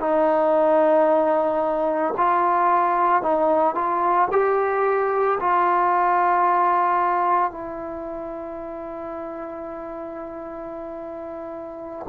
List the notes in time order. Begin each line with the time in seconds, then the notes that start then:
0.00 D#4
2.17 F4
3.22 D#4
3.75 F4
4.32 G4
5.41 F4
7.51 E4